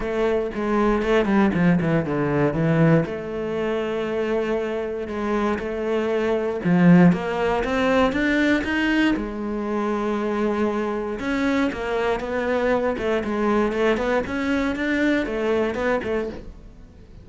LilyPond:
\new Staff \with { instrumentName = "cello" } { \time 4/4 \tempo 4 = 118 a4 gis4 a8 g8 f8 e8 | d4 e4 a2~ | a2 gis4 a4~ | a4 f4 ais4 c'4 |
d'4 dis'4 gis2~ | gis2 cis'4 ais4 | b4. a8 gis4 a8 b8 | cis'4 d'4 a4 b8 a8 | }